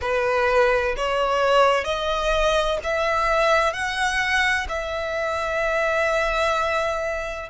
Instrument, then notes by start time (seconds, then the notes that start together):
violin
0.01 B4
0.96 C#5
1.84 D#5
2.83 E5
3.73 F#5
4.69 E5